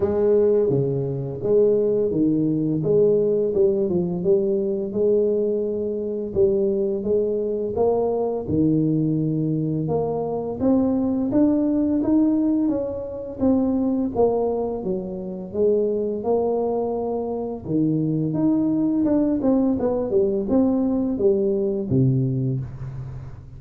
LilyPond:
\new Staff \with { instrumentName = "tuba" } { \time 4/4 \tempo 4 = 85 gis4 cis4 gis4 dis4 | gis4 g8 f8 g4 gis4~ | gis4 g4 gis4 ais4 | dis2 ais4 c'4 |
d'4 dis'4 cis'4 c'4 | ais4 fis4 gis4 ais4~ | ais4 dis4 dis'4 d'8 c'8 | b8 g8 c'4 g4 c4 | }